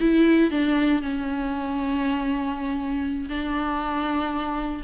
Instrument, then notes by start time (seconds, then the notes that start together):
viola
0.00 E4
0.51 D4
1.02 C#4
3.29 D4